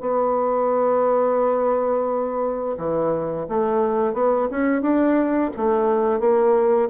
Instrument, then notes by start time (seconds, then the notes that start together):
bassoon
0.00 B3
2.77 E3
3.48 A3
4.13 B3
4.50 C#4
4.81 D4
5.56 A3
6.20 A#3